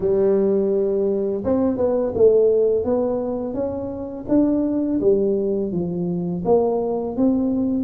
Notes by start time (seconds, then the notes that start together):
0.00 G3
1.44 C4
1.77 B3
2.14 A3
2.84 B3
3.54 C#4
4.28 D4
5.00 G3
5.72 F3
6.44 A#3
7.16 C4